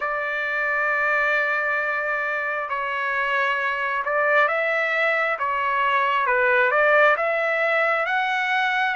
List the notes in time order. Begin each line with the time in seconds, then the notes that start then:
0.00 D5
2.69 C#5
4.05 D5
4.48 E5
5.38 C#5
6.26 B4
6.71 D5
7.16 E5
8.06 F#5